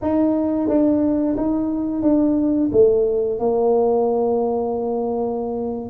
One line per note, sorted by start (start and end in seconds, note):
0.01 0.68 D#4
0.68 1.35 D4
1.36 2.02 D#4
2.02 2.70 D4
2.72 3.39 A3
3.39 5.90 A#3